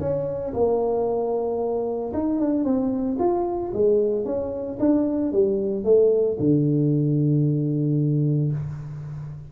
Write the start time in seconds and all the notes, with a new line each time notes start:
0.00 C#4
0.54 A#3
2.14 D#4
2.40 D4
2.65 C4
3.19 F4
3.74 G#3
4.25 C#4
4.80 D4
5.32 G3
5.84 A3
6.40 D3